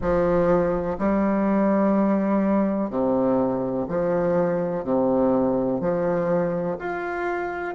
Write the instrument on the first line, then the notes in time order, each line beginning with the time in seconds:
bassoon
0.00 F3
0.98 G3
2.89 C3
3.88 F3
4.84 C3
5.80 F3
6.78 F4